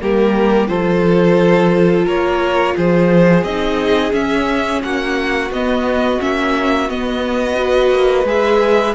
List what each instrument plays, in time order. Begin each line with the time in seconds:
0.00 cello G3, viola A#3, violin G4 A#4
0.68 cello F3, viola F4, violin A4 C5
2.06 cello A#3, violin A#4 C#5
2.76 cello F3, violin G#4 C5
3.44 cello C4, viola D#4, violin D#5
4.12 viola C#4, cello C#4, violin E5
4.83 cello A#3, violin F#4 F#5
5.51 cello B3, viola B3, violin D#5
6.20 cello A#3, viola C#4, violin E5
6.90 viola B3, cello B3, violin D#5
7.56 viola F#4, violin B4
7.91 cello A#3
8.25 cello G#3, viola G#4, violin E5